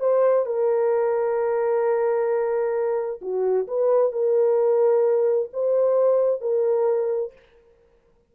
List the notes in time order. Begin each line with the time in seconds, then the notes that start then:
0.00 C5
0.46 A#4
3.21 F#4
3.68 B4
4.12 A#4
5.53 C5
6.41 A#4